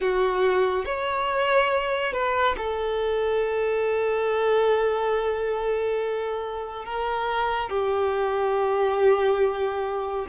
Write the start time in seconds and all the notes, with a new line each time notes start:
0.00 F#4
0.85 C#5
2.12 B4
2.57 A4
6.85 A#4
7.69 G4